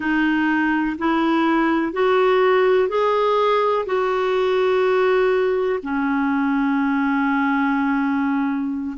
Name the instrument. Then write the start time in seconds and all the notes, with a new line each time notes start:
clarinet
0.00 D#4
0.98 E4
1.92 F#4
2.89 G#4
3.86 F#4
5.82 C#4